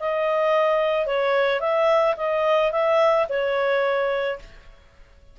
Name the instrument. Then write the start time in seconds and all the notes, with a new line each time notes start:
clarinet
0.00 D#5
1.06 C#5
1.60 E5
2.17 D#5
2.72 E5
3.29 C#5